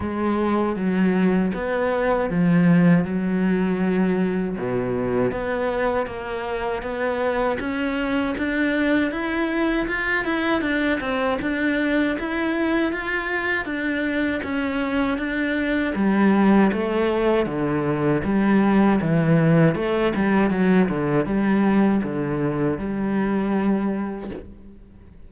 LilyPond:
\new Staff \with { instrumentName = "cello" } { \time 4/4 \tempo 4 = 79 gis4 fis4 b4 f4 | fis2 b,4 b4 | ais4 b4 cis'4 d'4 | e'4 f'8 e'8 d'8 c'8 d'4 |
e'4 f'4 d'4 cis'4 | d'4 g4 a4 d4 | g4 e4 a8 g8 fis8 d8 | g4 d4 g2 | }